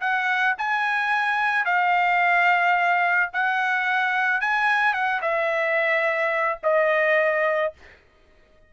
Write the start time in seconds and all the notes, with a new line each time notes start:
0.00 F#5
0.58 G#5
1.65 F5
3.33 F#5
4.40 G#5
4.93 F#5
5.21 E5
6.63 D#5